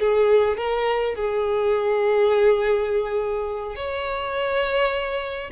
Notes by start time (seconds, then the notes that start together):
0.00 G#4
0.58 A#4
1.16 G#4
3.76 C#5